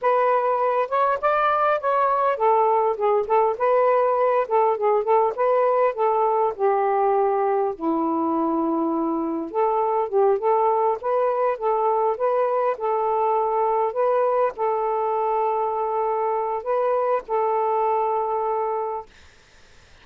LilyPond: \new Staff \with { instrumentName = "saxophone" } { \time 4/4 \tempo 4 = 101 b'4. cis''8 d''4 cis''4 | a'4 gis'8 a'8 b'4. a'8 | gis'8 a'8 b'4 a'4 g'4~ | g'4 e'2. |
a'4 g'8 a'4 b'4 a'8~ | a'8 b'4 a'2 b'8~ | b'8 a'2.~ a'8 | b'4 a'2. | }